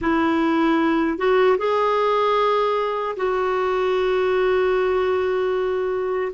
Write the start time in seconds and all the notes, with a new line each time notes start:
0.01 E4
1.17 F#4
1.58 G#4
3.16 F#4